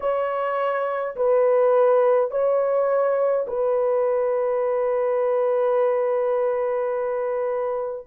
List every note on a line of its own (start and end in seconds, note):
0.00 1.15 C#5
1.15 2.30 B4
2.30 3.46 C#5
3.47 8.07 B4